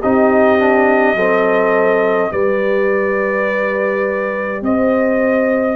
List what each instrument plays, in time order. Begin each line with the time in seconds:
0.00 tuba C4, trombone D#4, horn G4, trumpet D#5
0.59 trombone D4
1.14 tuba F#3, trombone C4, horn A4
2.32 tuba G3, trombone G4, horn B4, trumpet D5
4.62 tuba C4, horn C5, trumpet D#5